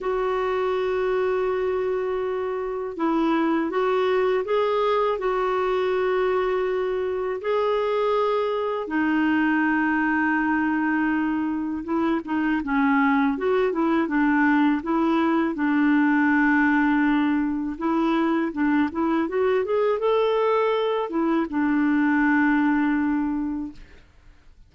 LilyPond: \new Staff \with { instrumentName = "clarinet" } { \time 4/4 \tempo 4 = 81 fis'1 | e'4 fis'4 gis'4 fis'4~ | fis'2 gis'2 | dis'1 |
e'8 dis'8 cis'4 fis'8 e'8 d'4 | e'4 d'2. | e'4 d'8 e'8 fis'8 gis'8 a'4~ | a'8 e'8 d'2. | }